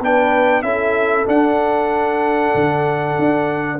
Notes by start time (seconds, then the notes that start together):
0.00 B3 D4 B4 G5
0.62 C#4 E4 A4 E5
1.26 D4 F#5
2.54 D3
3.19 D4